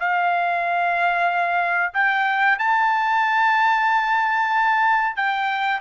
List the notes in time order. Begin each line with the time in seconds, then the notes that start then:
0.00 F5
1.94 G5
2.58 A5
5.16 G5